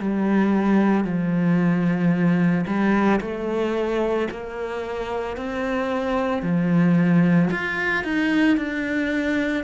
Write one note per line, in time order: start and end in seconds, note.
0.00 1.05 G3
1.05 2.66 F3
2.67 3.21 G3
3.21 4.29 A3
4.31 5.38 A#3
5.38 6.43 C4
6.43 7.50 F3
7.51 8.05 F4
8.05 8.58 D#4
8.58 9.65 D4